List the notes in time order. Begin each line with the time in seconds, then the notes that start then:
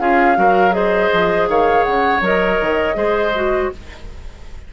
0.00 C#4 F4 G#4 F5
0.36 F#3 F#4 A#4
0.71 G#4 C5 D#5
1.13 F3
1.48 D#3 C#5 F5
1.84 C#3 F#5
2.21 F#3 A#4 D#5
2.61 D#3
2.95 G#3 G#4 C5
3.35 F#4